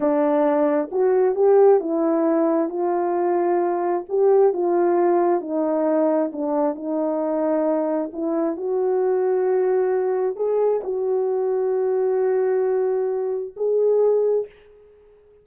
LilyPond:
\new Staff \with { instrumentName = "horn" } { \time 4/4 \tempo 4 = 133 d'2 fis'4 g'4 | e'2 f'2~ | f'4 g'4 f'2 | dis'2 d'4 dis'4~ |
dis'2 e'4 fis'4~ | fis'2. gis'4 | fis'1~ | fis'2 gis'2 | }